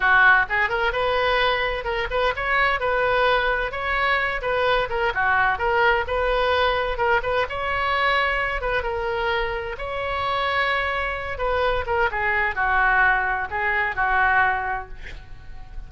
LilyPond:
\new Staff \with { instrumentName = "oboe" } { \time 4/4 \tempo 4 = 129 fis'4 gis'8 ais'8 b'2 | ais'8 b'8 cis''4 b'2 | cis''4. b'4 ais'8 fis'4 | ais'4 b'2 ais'8 b'8 |
cis''2~ cis''8 b'8 ais'4~ | ais'4 cis''2.~ | cis''8 b'4 ais'8 gis'4 fis'4~ | fis'4 gis'4 fis'2 | }